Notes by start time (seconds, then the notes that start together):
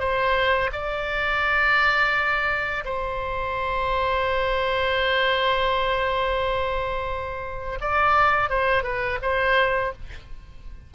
0.00 C5
0.73 D5
2.85 C5
7.81 D5
8.50 C5
8.83 B4
9.22 C5